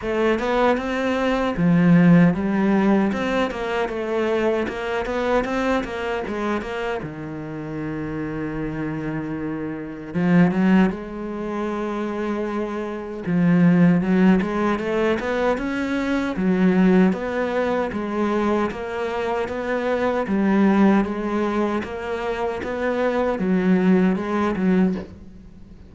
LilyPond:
\new Staff \with { instrumentName = "cello" } { \time 4/4 \tempo 4 = 77 a8 b8 c'4 f4 g4 | c'8 ais8 a4 ais8 b8 c'8 ais8 | gis8 ais8 dis2.~ | dis4 f8 fis8 gis2~ |
gis4 f4 fis8 gis8 a8 b8 | cis'4 fis4 b4 gis4 | ais4 b4 g4 gis4 | ais4 b4 fis4 gis8 fis8 | }